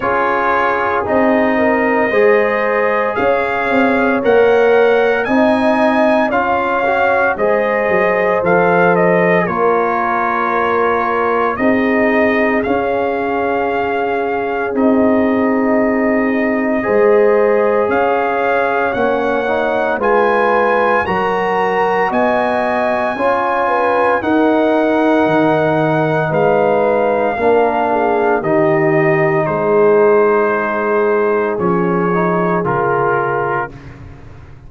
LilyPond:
<<
  \new Staff \with { instrumentName = "trumpet" } { \time 4/4 \tempo 4 = 57 cis''4 dis''2 f''4 | fis''4 gis''4 f''4 dis''4 | f''8 dis''8 cis''2 dis''4 | f''2 dis''2~ |
dis''4 f''4 fis''4 gis''4 | ais''4 gis''2 fis''4~ | fis''4 f''2 dis''4 | c''2 cis''4 ais'4 | }
  \new Staff \with { instrumentName = "horn" } { \time 4/4 gis'4. ais'8 c''4 cis''4~ | cis''4 dis''4 cis''4 c''4~ | c''4 ais'2 gis'4~ | gis'1 |
c''4 cis''2 b'4 | ais'4 dis''4 cis''8 b'8 ais'4~ | ais'4 b'4 ais'8 gis'8 g'4 | gis'1 | }
  \new Staff \with { instrumentName = "trombone" } { \time 4/4 f'4 dis'4 gis'2 | ais'4 dis'4 f'8 fis'8 gis'4 | a'4 f'2 dis'4 | cis'2 dis'2 |
gis'2 cis'8 dis'8 f'4 | fis'2 f'4 dis'4~ | dis'2 d'4 dis'4~ | dis'2 cis'8 dis'8 f'4 | }
  \new Staff \with { instrumentName = "tuba" } { \time 4/4 cis'4 c'4 gis4 cis'8 c'8 | ais4 c'4 cis'4 gis8 fis8 | f4 ais2 c'4 | cis'2 c'2 |
gis4 cis'4 ais4 gis4 | fis4 b4 cis'4 dis'4 | dis4 gis4 ais4 dis4 | gis2 f4 cis4 | }
>>